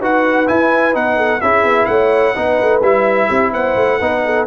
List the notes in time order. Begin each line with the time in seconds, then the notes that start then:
0.00 D#4 F#4 B4 F#5
0.46 E4 G#5
0.93 B3 D#4 F#5
1.17 A4
1.41 C#4 E4 G#4 E5
1.64 B3
1.86 A3 C#5 F#5
2.34 B3 D#4 B4
2.61 A3
2.81 G3 E4 E5
3.28 C4 G4
3.52 B3 C5 F#5
3.76 A3
3.99 B3 D#4 B4
4.25 A4